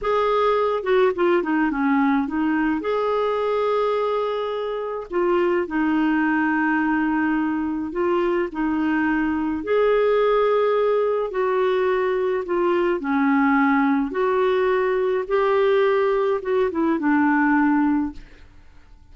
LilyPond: \new Staff \with { instrumentName = "clarinet" } { \time 4/4 \tempo 4 = 106 gis'4. fis'8 f'8 dis'8 cis'4 | dis'4 gis'2.~ | gis'4 f'4 dis'2~ | dis'2 f'4 dis'4~ |
dis'4 gis'2. | fis'2 f'4 cis'4~ | cis'4 fis'2 g'4~ | g'4 fis'8 e'8 d'2 | }